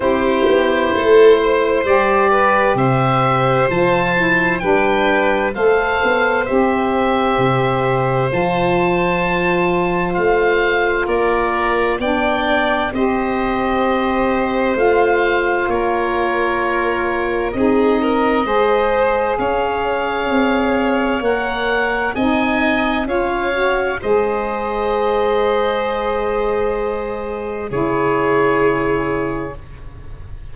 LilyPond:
<<
  \new Staff \with { instrumentName = "oboe" } { \time 4/4 \tempo 4 = 65 c''2 d''4 e''4 | a''4 g''4 f''4 e''4~ | e''4 a''2 f''4 | d''4 g''4 dis''2 |
f''4 cis''2 dis''4~ | dis''4 f''2 fis''4 | gis''4 f''4 dis''2~ | dis''2 cis''2 | }
  \new Staff \with { instrumentName = "violin" } { \time 4/4 g'4 a'8 c''4 b'8 c''4~ | c''4 b'4 c''2~ | c''1 | ais'4 d''4 c''2~ |
c''4 ais'2 gis'8 ais'8 | c''4 cis''2. | dis''4 cis''4 c''2~ | c''2 gis'2 | }
  \new Staff \with { instrumentName = "saxophone" } { \time 4/4 e'2 g'2 | f'8 e'8 d'4 a'4 g'4~ | g'4 f'2.~ | f'4 d'4 g'2 |
f'2. dis'4 | gis'2. ais'4 | dis'4 f'8 fis'8 gis'2~ | gis'2 e'2 | }
  \new Staff \with { instrumentName = "tuba" } { \time 4/4 c'8 b8 a4 g4 c4 | f4 g4 a8 b8 c'4 | c4 f2 a4 | ais4 b4 c'2 |
a4 ais2 c'4 | gis4 cis'4 c'4 ais4 | c'4 cis'4 gis2~ | gis2 cis2 | }
>>